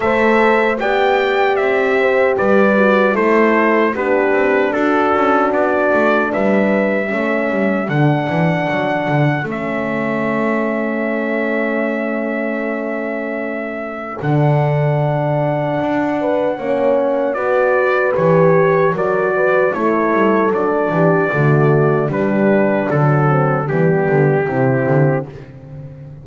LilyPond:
<<
  \new Staff \with { instrumentName = "trumpet" } { \time 4/4 \tempo 4 = 76 e''4 g''4 e''4 d''4 | c''4 b'4 a'4 d''4 | e''2 fis''2 | e''1~ |
e''2 fis''2~ | fis''2 d''4 cis''4 | d''4 cis''4 d''2 | b'4 a'4 g'2 | }
  \new Staff \with { instrumentName = "horn" } { \time 4/4 c''4 d''4. c''8 b'4 | a'4 g'4 fis'2 | b'4 a'2.~ | a'1~ |
a'1~ | a'8 b'8 cis''4 b'2 | ais'8 b'8 a'4. g'8 fis'4 | d'4. c'8 b4 e'4 | }
  \new Staff \with { instrumentName = "horn" } { \time 4/4 a'4 g'2~ g'8 fis'8 | e'4 d'2.~ | d'4 cis'4 d'2 | cis'1~ |
cis'2 d'2~ | d'4 cis'4 fis'4 g'4 | fis'4 e'4 d'4 a4 | g4 fis4 g4 c'4 | }
  \new Staff \with { instrumentName = "double bass" } { \time 4/4 a4 b4 c'4 g4 | a4 b8 c'8 d'8 cis'8 b8 a8 | g4 a8 g8 d8 e8 fis8 d8 | a1~ |
a2 d2 | d'4 ais4 b4 e4 | fis4 a8 g8 fis8 e8 d4 | g4 d4 e8 d8 c8 d8 | }
>>